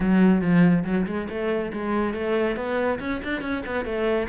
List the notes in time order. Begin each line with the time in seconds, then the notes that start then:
0.00 F#3
0.41 F3
0.84 F#3
1.06 G#3
1.29 A3
1.73 G#3
2.13 A3
2.56 B3
2.99 C#4
3.23 D4
3.41 C#4
3.66 B3
3.85 A3